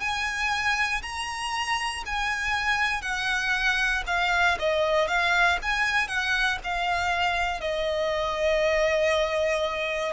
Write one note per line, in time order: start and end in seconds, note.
0.00 1.02 G#5
1.02 2.04 A#5
2.06 3.01 G#5
3.01 4.03 F#5
4.06 4.57 F5
4.59 5.08 D#5
5.08 5.58 F5
5.62 6.07 G#5
6.07 6.58 F#5
6.63 7.60 F5
7.60 10.13 D#5